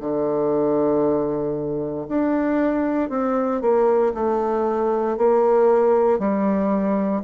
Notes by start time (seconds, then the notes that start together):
0.00 D3
2.08 D4
3.09 C4
3.61 A#3
4.14 A3
5.17 A#3
6.19 G3